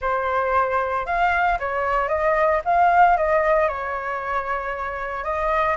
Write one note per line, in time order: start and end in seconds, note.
0.01 1.06 C5
1.06 1.58 F5
1.59 2.08 C#5
2.08 2.61 D#5
2.64 3.17 F5
3.17 3.67 D#5
3.67 5.24 C#5
5.24 5.76 D#5